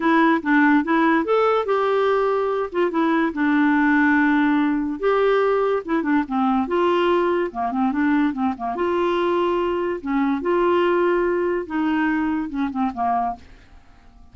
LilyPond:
\new Staff \with { instrumentName = "clarinet" } { \time 4/4 \tempo 4 = 144 e'4 d'4 e'4 a'4 | g'2~ g'8 f'8 e'4 | d'1 | g'2 e'8 d'8 c'4 |
f'2 ais8 c'8 d'4 | c'8 ais8 f'2. | cis'4 f'2. | dis'2 cis'8 c'8 ais4 | }